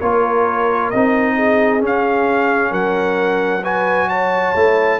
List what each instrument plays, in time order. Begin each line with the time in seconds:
0.00 tuba A#3, trombone F4, horn A#4, trumpet C#5
0.90 tuba C4, trombone D#4, trumpet D#5
1.36 horn G#4
1.80 trombone C#4, tuba C#4
1.86 trumpet F5
2.71 tuba F#3, horn A#4, trumpet F#5
3.63 trombone F#4, horn B4, trumpet G#5
4.09 horn C#5, trumpet A5
4.55 tuba A3, trombone E4